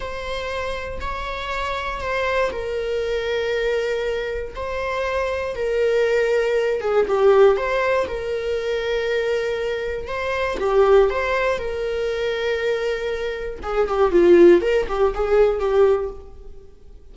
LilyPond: \new Staff \with { instrumentName = "viola" } { \time 4/4 \tempo 4 = 119 c''2 cis''2 | c''4 ais'2.~ | ais'4 c''2 ais'4~ | ais'4. gis'8 g'4 c''4 |
ais'1 | c''4 g'4 c''4 ais'4~ | ais'2. gis'8 g'8 | f'4 ais'8 g'8 gis'4 g'4 | }